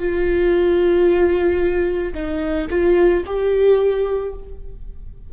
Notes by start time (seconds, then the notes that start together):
0.00 F4
2.15 D#4
2.71 F4
3.27 G4